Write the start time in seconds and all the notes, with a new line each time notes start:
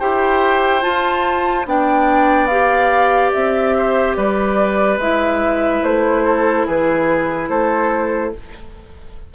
0.00 E4 G4 C5 G5
0.82 F4 A5
1.66 B3 D4 D5 G5
2.48 G4 F5
3.33 C4 E5
3.78 C5
4.16 G3 B4 D5
4.98 G#3 E4 E5
5.83 A3 C5
6.25 A4
6.67 E3 G#4 B4
7.49 A3 A4 C5